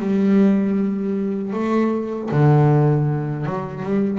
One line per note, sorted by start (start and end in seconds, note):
0.00 1.53 G3
1.53 2.30 A3
2.32 3.46 D3
3.46 3.83 F#3
3.83 4.19 G3